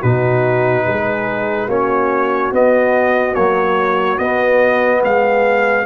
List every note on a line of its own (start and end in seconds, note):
0.00 0.86 B2
0.00 1.69 D#4
0.00 0.83 F#4
0.00 1.69 B4
0.86 1.68 G#3
0.86 1.65 G#4
1.65 2.51 A#3
1.65 2.52 C#4
1.65 4.99 F#4
1.65 2.52 C#5
2.52 3.35 B3
2.52 3.36 B3
2.52 3.34 D#5
3.34 4.20 F#3
3.34 4.18 A#3
3.34 4.18 C#5
4.18 5.02 B3
4.18 5.85 B3
4.18 5.01 D#5
5.02 5.85 G#3
5.02 5.85 G#4
5.02 5.85 F5